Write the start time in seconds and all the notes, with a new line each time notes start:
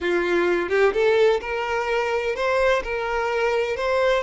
0.00 F4
0.69 G4
0.93 A4
1.40 A#4
2.35 C5
2.83 A#4
3.76 C5